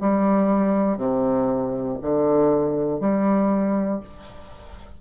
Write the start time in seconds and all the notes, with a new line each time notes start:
0.00 G3
0.97 C3
2.01 D3
3.00 G3